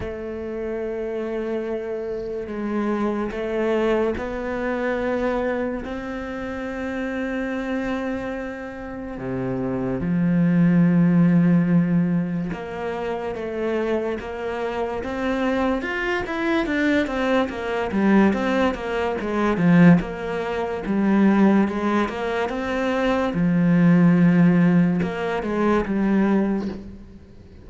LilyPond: \new Staff \with { instrumentName = "cello" } { \time 4/4 \tempo 4 = 72 a2. gis4 | a4 b2 c'4~ | c'2. c4 | f2. ais4 |
a4 ais4 c'4 f'8 e'8 | d'8 c'8 ais8 g8 c'8 ais8 gis8 f8 | ais4 g4 gis8 ais8 c'4 | f2 ais8 gis8 g4 | }